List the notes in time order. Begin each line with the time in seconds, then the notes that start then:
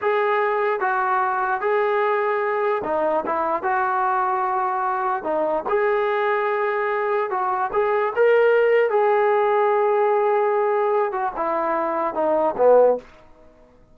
0.01 G#4
0.80 F#4
1.61 G#4
2.84 D#4
3.26 E4
3.62 F#4
5.23 D#4
5.68 G#4
7.30 F#4
7.72 G#4
8.15 A#4
8.90 G#4
11.12 F#4
11.36 E4
12.14 D#4
12.57 B3